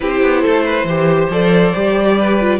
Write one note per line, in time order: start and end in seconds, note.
0.00 0.22 C4
0.00 0.87 E4
0.00 0.41 G4
0.00 1.30 C5
0.22 0.43 B3
0.41 0.84 A3
0.41 0.63 A4
0.64 0.86 B4
0.84 1.27 E3
0.84 1.31 G4
0.84 2.17 C5
1.30 1.73 F3
1.30 1.73 A4
1.30 2.59 D5
1.73 2.59 G3
1.73 2.39 G4
2.18 2.59 B4
2.40 2.59 F4